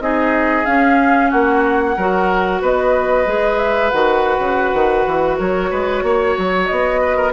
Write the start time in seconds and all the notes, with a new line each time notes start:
0.00 C4 D#4 G#4 D#5
0.65 C#4 F5
1.30 A#3 F#4 F#5
1.97 F#3 F#4 A#4
2.61 B3 B4 D#5
3.26 G#3 G#4
3.58 E5
3.90 D#3 F#4 F#5
4.39 C#3
4.74 D#3
5.07 E3
5.38 F#3 A#4 C#5
5.70 G#3 B4
6.03 A#3 C#5
6.38 F#3
6.66 B3 D#5
7.01 B4
7.16 A#4